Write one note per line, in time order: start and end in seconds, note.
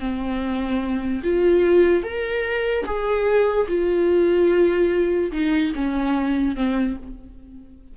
0.00 1.22 C4
1.24 2.04 F4
2.04 2.85 A#4
2.86 3.67 G#4
3.68 5.32 F4
5.32 5.73 D#4
5.75 6.56 C#4
6.56 6.97 C4